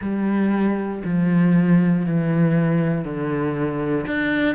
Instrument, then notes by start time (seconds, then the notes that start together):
cello
0.01 G3
1.04 F3
2.06 E3
3.04 D3
4.07 D4